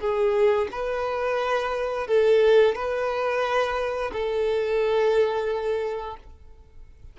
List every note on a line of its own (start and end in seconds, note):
0.00 0.68 G#4
0.72 2.07 B4
2.07 2.75 A4
2.75 4.12 B4
4.12 6.17 A4